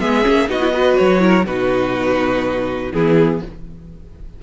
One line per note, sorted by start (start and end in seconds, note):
0.00 0.25 G#3
0.00 0.22 B3
0.00 0.49 G#4
0.00 0.49 E5
0.22 0.49 A#3
0.22 0.47 C#4
0.47 0.98 B3
0.47 0.60 D#4
0.47 0.73 F#4
0.47 0.96 D#5
0.60 0.72 E4
0.72 1.19 F#4
0.72 1.22 B4
0.96 1.45 F#3
0.96 1.45 C#5
1.19 1.44 E4
1.19 1.46 A#4
1.45 2.91 B2
1.45 2.93 D#4
1.45 2.92 F#4
1.45 2.92 B4
2.92 3.41 E3
2.92 3.42 B3
2.92 3.42 E4
2.92 3.41 G#4